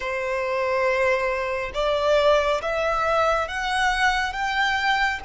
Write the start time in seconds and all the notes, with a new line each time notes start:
0.00 C5
1.74 D5
2.61 E5
3.47 F#5
4.32 G5